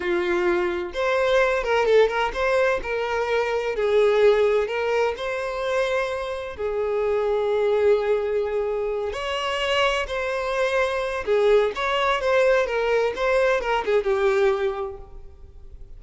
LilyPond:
\new Staff \with { instrumentName = "violin" } { \time 4/4 \tempo 4 = 128 f'2 c''4. ais'8 | a'8 ais'8 c''4 ais'2 | gis'2 ais'4 c''4~ | c''2 gis'2~ |
gis'2.~ gis'8 cis''8~ | cis''4. c''2~ c''8 | gis'4 cis''4 c''4 ais'4 | c''4 ais'8 gis'8 g'2 | }